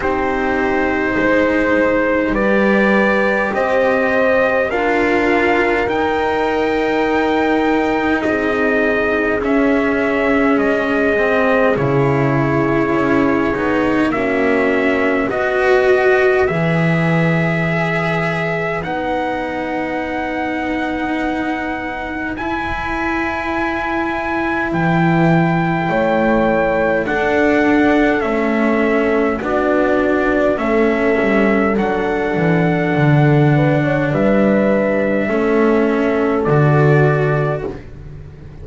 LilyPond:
<<
  \new Staff \with { instrumentName = "trumpet" } { \time 4/4 \tempo 4 = 51 c''2 d''4 dis''4 | f''4 g''2 dis''4 | e''4 dis''4 cis''2 | e''4 dis''4 e''2 |
fis''2. gis''4~ | gis''4 g''2 fis''4 | e''4 d''4 e''4 fis''4~ | fis''4 e''2 d''4 | }
  \new Staff \with { instrumentName = "horn" } { \time 4/4 g'4 c''4 b'4 c''4 | ais'2. gis'4~ | gis'1 | fis'4 b'2.~ |
b'1~ | b'2 cis''4 a'4~ | a'4 fis'4 a'2~ | a'8 b'16 cis''16 b'4 a'2 | }
  \new Staff \with { instrumentName = "cello" } { \time 4/4 dis'2 g'2 | f'4 dis'2. | cis'4. c'8 e'4. dis'8 | cis'4 fis'4 gis'2 |
dis'2. e'4~ | e'2. d'4 | cis'4 d'4 cis'4 d'4~ | d'2 cis'4 fis'4 | }
  \new Staff \with { instrumentName = "double bass" } { \time 4/4 c'4 gis4 g4 c'4 | d'4 dis'2 c'4 | cis'4 gis4 cis4 cis'8 b8 | ais4 b4 e2 |
b2. e'4~ | e'4 e4 a4 d'4 | a4 b4 a8 g8 fis8 e8 | d4 g4 a4 d4 | }
>>